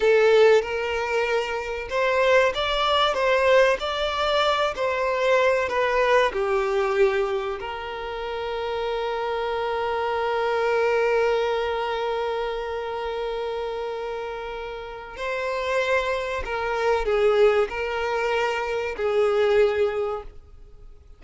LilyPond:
\new Staff \with { instrumentName = "violin" } { \time 4/4 \tempo 4 = 95 a'4 ais'2 c''4 | d''4 c''4 d''4. c''8~ | c''4 b'4 g'2 | ais'1~ |
ais'1~ | ais'1 | c''2 ais'4 gis'4 | ais'2 gis'2 | }